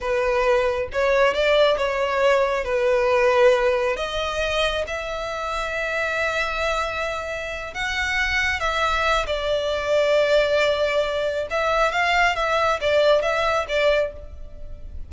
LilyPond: \new Staff \with { instrumentName = "violin" } { \time 4/4 \tempo 4 = 136 b'2 cis''4 d''4 | cis''2 b'2~ | b'4 dis''2 e''4~ | e''1~ |
e''4. fis''2 e''8~ | e''4 d''2.~ | d''2 e''4 f''4 | e''4 d''4 e''4 d''4 | }